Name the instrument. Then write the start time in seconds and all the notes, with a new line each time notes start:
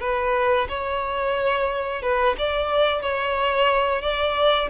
violin
0.00 B4
0.68 C#5
2.02 B4
2.38 D5
3.01 C#5
4.01 D5